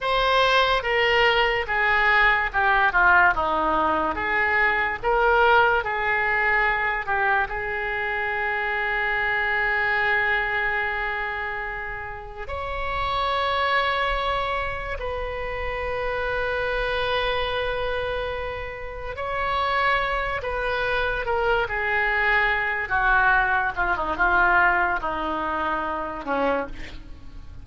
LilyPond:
\new Staff \with { instrumentName = "oboe" } { \time 4/4 \tempo 4 = 72 c''4 ais'4 gis'4 g'8 f'8 | dis'4 gis'4 ais'4 gis'4~ | gis'8 g'8 gis'2.~ | gis'2. cis''4~ |
cis''2 b'2~ | b'2. cis''4~ | cis''8 b'4 ais'8 gis'4. fis'8~ | fis'8 f'16 dis'16 f'4 dis'4. cis'8 | }